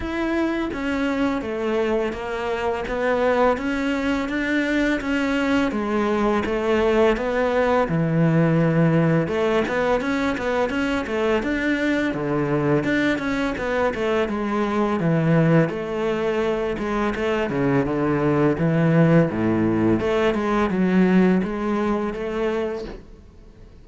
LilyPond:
\new Staff \with { instrumentName = "cello" } { \time 4/4 \tempo 4 = 84 e'4 cis'4 a4 ais4 | b4 cis'4 d'4 cis'4 | gis4 a4 b4 e4~ | e4 a8 b8 cis'8 b8 cis'8 a8 |
d'4 d4 d'8 cis'8 b8 a8 | gis4 e4 a4. gis8 | a8 cis8 d4 e4 a,4 | a8 gis8 fis4 gis4 a4 | }